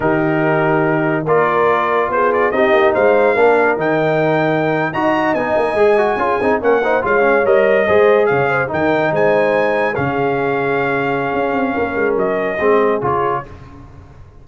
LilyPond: <<
  \new Staff \with { instrumentName = "trumpet" } { \time 4/4 \tempo 4 = 143 ais'2. d''4~ | d''4 c''8 d''8 dis''4 f''4~ | f''4 g''2~ g''8. ais''16~ | ais''8. gis''2. fis''16~ |
fis''8. f''4 dis''2 f''16~ | f''8. g''4 gis''2 f''16~ | f''1~ | f''4 dis''2 cis''4 | }
  \new Staff \with { instrumentName = "horn" } { \time 4/4 g'2. ais'4~ | ais'4 gis'4 g'4 c''4 | ais'2.~ ais'8. dis''16~ | dis''2~ dis''8. gis'4 ais'16~ |
ais'16 c''8 cis''2 c''4 cis''16~ | cis''16 c''8 ais'4 c''2 gis'16~ | gis'1 | ais'2 gis'2 | }
  \new Staff \with { instrumentName = "trombone" } { \time 4/4 dis'2. f'4~ | f'2 dis'2 | d'4 dis'2~ dis'8. fis'16~ | fis'8. dis'4 gis'8 fis'8 f'8 dis'8 cis'16~ |
cis'16 dis'8 f'8 cis'8 ais'4 gis'4~ gis'16~ | gis'8. dis'2. cis'16~ | cis'1~ | cis'2 c'4 f'4 | }
  \new Staff \with { instrumentName = "tuba" } { \time 4/4 dis2. ais4~ | ais4 b4 c'8 ais8 gis4 | ais4 dis2~ dis8. dis'16~ | dis'8. b8 ais8 gis4 cis'8 c'8 ais16~ |
ais8. gis4 g4 gis4 cis16~ | cis8. dis4 gis2 cis16~ | cis2. cis'8 c'8 | ais8 gis8 fis4 gis4 cis4 | }
>>